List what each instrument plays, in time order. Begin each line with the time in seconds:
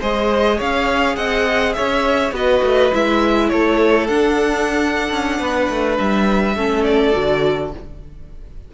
0.00 cello G#3, viola G#4, violin C5 D#5
0.58 cello C#4, violin C#5 F5
1.17 cello C4, violin D#5 F#5
1.74 violin C#5 E5
1.80 cello C#4
2.32 cello B3, viola F#4, violin B4 D#5
2.63 cello A3
2.93 cello G#3, viola E4, violin E5
3.50 cello A3, violin A4 C#5
4.08 cello D4, viola D4, violin F#5
5.11 cello C#4
5.40 cello B3, violin B4
5.70 cello A3
5.99 cello G3, violin E5
6.56 cello A3, viola C#4, violin A4
6.84 violin D5
7.13 cello D3, viola F#4